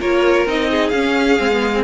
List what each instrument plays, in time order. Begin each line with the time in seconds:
0.00 cello A#3, viola F4, violin A#4 C#5
0.45 cello C4, viola D#4, violin D#5
0.70 violin G#4
0.89 viola C#4, cello C#4, violin F5
1.38 cello G#3, viola C4
1.50 viola B3
1.74 viola C4